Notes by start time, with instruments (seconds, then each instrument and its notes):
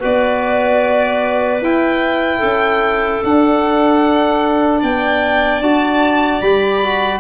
0.00 tuba B3, trombone F#4, clarinet B4, violin D5
1.62 tuba E4, trombone E4, violin G5
2.39 tuba C#4, clarinet A4
3.24 trombone D4, tuba D4, violin F#5
4.79 tuba B3, clarinet D5, violin G5
5.60 tuba D4, trombone F#4, violin A5
6.41 tuba G3, trombone G4, violin B5
6.83 trombone F#4